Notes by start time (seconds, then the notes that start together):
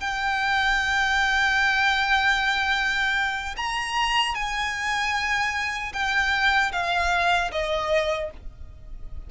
0.00 G5
3.56 A#5
4.35 G#5
5.93 G5
6.72 F5
7.52 D#5